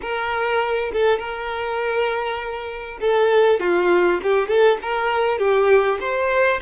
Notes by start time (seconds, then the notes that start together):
0.01 A#4
0.92 A4
1.18 A#4
3.00 A4
3.60 F4
4.22 G4
4.48 A4
4.82 A#4
5.38 G4
6.00 C5